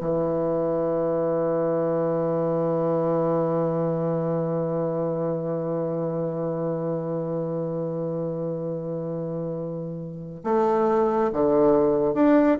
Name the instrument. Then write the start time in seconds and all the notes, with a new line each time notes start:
bassoon
0.00 E3
10.43 A3
11.32 D3
12.14 D4